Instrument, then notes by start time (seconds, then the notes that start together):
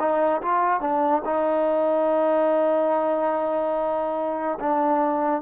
trombone
0.00 D#4
0.42 F4
0.81 D4
1.25 D#4
4.60 D4